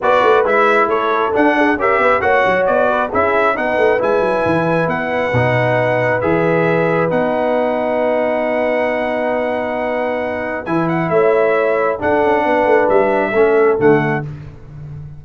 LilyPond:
<<
  \new Staff \with { instrumentName = "trumpet" } { \time 4/4 \tempo 4 = 135 d''4 e''4 cis''4 fis''4 | e''4 fis''4 d''4 e''4 | fis''4 gis''2 fis''4~ | fis''2 e''2 |
fis''1~ | fis''1 | gis''8 fis''8 e''2 fis''4~ | fis''4 e''2 fis''4 | }
  \new Staff \with { instrumentName = "horn" } { \time 4/4 b'2 a'4. gis'8 | ais'8 b'8 cis''4. b'8 gis'4 | b'1~ | b'1~ |
b'1~ | b'1~ | b'4 cis''2 a'4 | b'2 a'2 | }
  \new Staff \with { instrumentName = "trombone" } { \time 4/4 fis'4 e'2 d'4 | g'4 fis'2 e'4 | dis'4 e'2. | dis'2 gis'2 |
dis'1~ | dis'1 | e'2. d'4~ | d'2 cis'4 a4 | }
  \new Staff \with { instrumentName = "tuba" } { \time 4/4 b8 a8 gis4 a4 d'4 | cis'8 b8 ais8 fis8 b4 cis'4 | b8 a8 gis8 fis8 e4 b4 | b,2 e2 |
b1~ | b1 | e4 a2 d'8 cis'8 | b8 a8 g4 a4 d4 | }
>>